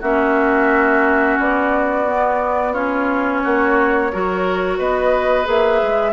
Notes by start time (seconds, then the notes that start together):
0.00 A#3 C#4 F#4 E5
1.39 B3 D5
2.08 B3
2.73 C#4 F4 C#5
3.44 A#3 F#4
4.13 F#3 F#4 A#4
4.79 B3 B4 D#5
5.45 A#3 G#4 E5
5.82 G#3